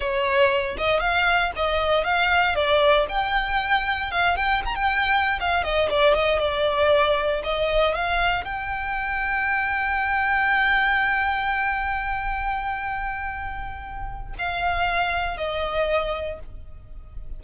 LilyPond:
\new Staff \with { instrumentName = "violin" } { \time 4/4 \tempo 4 = 117 cis''4. dis''8 f''4 dis''4 | f''4 d''4 g''2 | f''8 g''8 ais''16 g''4~ g''16 f''8 dis''8 d''8 | dis''8 d''2 dis''4 f''8~ |
f''8 g''2.~ g''8~ | g''1~ | g''1 | f''2 dis''2 | }